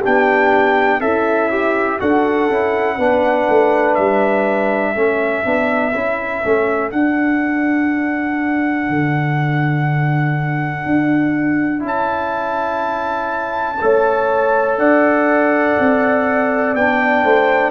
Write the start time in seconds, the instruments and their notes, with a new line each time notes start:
0.00 tuba B3, trombone D4, horn G4, trumpet G5
1.01 tuba C#4, horn E4, trombone A4, trumpet E5
1.51 trombone G4
2.00 tuba D4, trombone F#4, horn A4, trumpet F#5
2.50 tuba C#4, trombone E4
2.98 tuba B3, trombone D4, horn B4
3.50 tuba A3
3.95 tuba G3, trumpet E5
4.93 tuba A3, trombone C#4, horn A4
5.44 tuba B3, trombone D4
5.94 tuba C#4, trombone E4
6.44 tuba A3, trombone C#4
6.91 trombone D4, tuba D4, trumpet F#5
8.89 tuba D3
10.86 tuba D4
11.80 tuba C#4, trombone E4
11.87 trumpet A5
13.82 tuba A3, trombone A4, horn C#5
14.78 tuba D4, horn D5, trumpet F#5
15.80 tuba C4
16.75 tuba B3, trombone D4, trumpet G5
17.25 tuba A3, horn C5